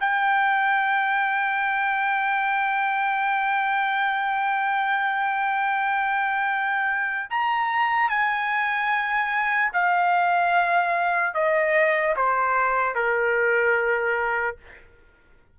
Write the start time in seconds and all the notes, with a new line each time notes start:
0.00 G5
7.30 A#5
8.09 G#5
9.73 F5
11.34 D#5
12.16 C5
12.95 A#4